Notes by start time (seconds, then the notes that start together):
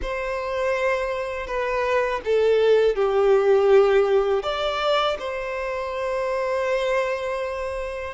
0.02 C5
1.46 B4
2.24 A4
2.95 G4
4.42 D5
5.19 C5